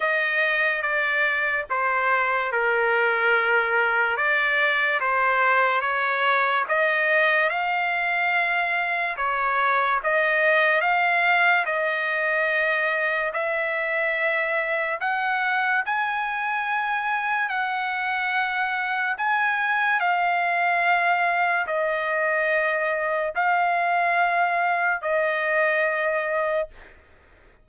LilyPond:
\new Staff \with { instrumentName = "trumpet" } { \time 4/4 \tempo 4 = 72 dis''4 d''4 c''4 ais'4~ | ais'4 d''4 c''4 cis''4 | dis''4 f''2 cis''4 | dis''4 f''4 dis''2 |
e''2 fis''4 gis''4~ | gis''4 fis''2 gis''4 | f''2 dis''2 | f''2 dis''2 | }